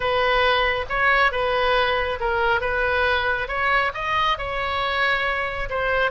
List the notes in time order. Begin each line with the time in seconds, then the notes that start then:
0.00 B4
0.89 C#5
1.31 B4
2.19 A#4
2.61 B4
3.48 C#5
3.94 D#5
4.38 C#5
5.69 C5